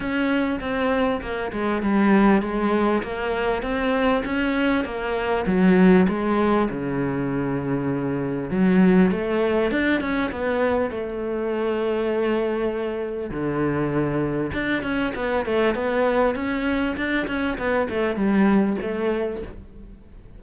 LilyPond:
\new Staff \with { instrumentName = "cello" } { \time 4/4 \tempo 4 = 99 cis'4 c'4 ais8 gis8 g4 | gis4 ais4 c'4 cis'4 | ais4 fis4 gis4 cis4~ | cis2 fis4 a4 |
d'8 cis'8 b4 a2~ | a2 d2 | d'8 cis'8 b8 a8 b4 cis'4 | d'8 cis'8 b8 a8 g4 a4 | }